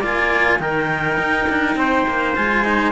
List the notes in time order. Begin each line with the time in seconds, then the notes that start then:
0.00 A#3 F4 D5 G#5
0.59 D#3 D#4 A#4 G5
1.18 D#4
1.49 D4
1.75 C4 C5
2.08 A#3
2.35 G#3 F4 G#5
2.65 D#4